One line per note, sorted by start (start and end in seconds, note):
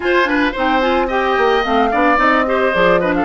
0.00 0.24 F4
0.00 0.54 F4
0.00 0.28 C5
0.00 0.50 G#5
0.24 0.52 D4
0.24 0.52 B4
0.52 1.37 C4
0.52 0.81 D#4
0.52 1.06 C5
0.58 0.81 G5
0.81 1.08 F4
0.81 1.08 G#5
1.07 1.63 G4
1.07 1.89 D#5
1.07 1.64 G5
1.37 1.64 A#3
1.64 1.92 A3
1.64 1.91 C4
1.64 2.19 F5
1.91 2.18 B3
1.91 2.16 D4
1.91 2.45 D5
2.16 2.72 C4
2.16 2.43 D#4
2.16 2.74 D#5
2.46 2.73 G4
2.46 3.00 C5
2.73 3.25 F3
2.73 3.00 G#4
2.73 2.99 D5
2.99 3.25 D4
2.99 3.14 B4
2.99 3.13 D#5
3.14 3.25 A4
3.14 3.25 F5